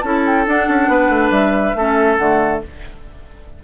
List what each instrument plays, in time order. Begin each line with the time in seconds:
0.00 bassoon C#4, clarinet E4, oboe A4, flute A5
0.25 flute G5
0.46 clarinet D4, bassoon D4, flute F#5
0.68 bassoon C#4
0.88 bassoon B3, oboe B4
1.09 bassoon A3
1.30 bassoon G3, flute E5
1.74 bassoon A3, clarinet C#4, oboe A4
2.16 bassoon D3, clarinet A3, flute F#5